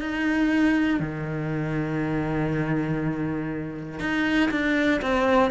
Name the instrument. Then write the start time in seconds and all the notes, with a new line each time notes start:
cello
0.00 D#4
0.99 D#3
3.99 D#4
4.50 D4
5.01 C4